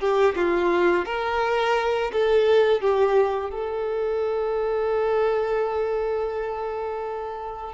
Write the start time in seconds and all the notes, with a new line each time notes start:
0.00 G4
0.36 F4
1.06 A#4
2.13 A4
2.81 G4
3.51 A4